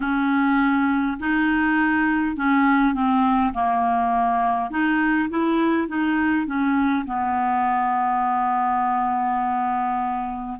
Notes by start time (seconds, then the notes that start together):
0.00 C#4
1.19 D#4
2.36 C#4
2.94 C4
3.53 A#3
4.70 D#4
5.29 E4
5.88 D#4
6.46 C#4
7.06 B3